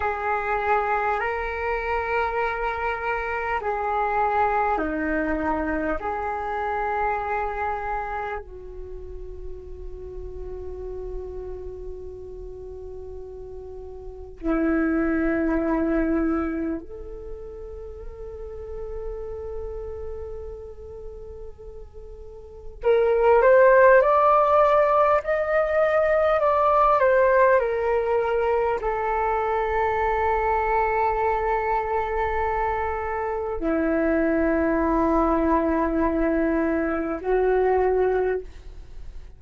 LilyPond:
\new Staff \with { instrumentName = "flute" } { \time 4/4 \tempo 4 = 50 gis'4 ais'2 gis'4 | dis'4 gis'2 fis'4~ | fis'1 | e'2 a'2~ |
a'2. ais'8 c''8 | d''4 dis''4 d''8 c''8 ais'4 | a'1 | e'2. fis'4 | }